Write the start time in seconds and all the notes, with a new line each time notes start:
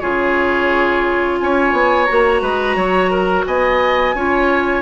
0.00 C#3 F4 G#4 C#5
1.39 C#4 C#5 G#5
1.73 B3
2.05 F#4 A#5
2.11 A#3
2.42 G#3 B4
2.75 F#3 C#5
3.11 A#4
3.46 B3 D#5 G#5
4.15 C#4 F4 C#5